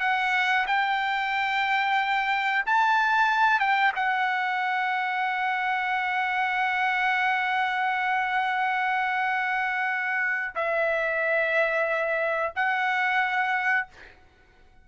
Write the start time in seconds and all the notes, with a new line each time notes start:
0.00 F#5
0.67 G5
2.66 A5
3.60 G5
3.96 F#5
10.55 E5
12.56 F#5